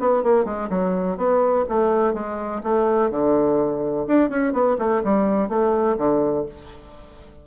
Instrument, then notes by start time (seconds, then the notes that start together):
bassoon
0.00 B3
0.24 A#3
0.45 G#3
0.70 F#3
1.18 B3
1.69 A3
2.14 G#3
2.64 A3
3.11 D3
4.08 D4
4.30 C#4
4.53 B3
4.79 A3
5.04 G3
5.49 A3
5.98 D3